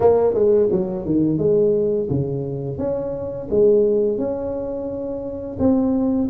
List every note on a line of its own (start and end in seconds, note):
0.00 0.33 A#3
0.33 0.68 G#3
0.71 1.05 F#3
1.05 1.38 D#3
1.38 2.07 G#3
2.10 2.78 C#3
2.78 3.48 C#4
3.50 4.17 G#3
4.17 5.57 C#4
5.59 6.29 C4